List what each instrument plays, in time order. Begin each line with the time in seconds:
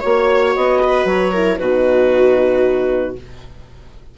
0.00 bassoon A#3, horn F#4, viola C#5, clarinet C#5
0.55 bassoon B3, clarinet D#5
0.83 viola B4
1.04 bassoon F#3, clarinet C#5
1.32 horn E4, viola A#4
1.58 bassoon B2, horn D#4, viola F#4, clarinet B4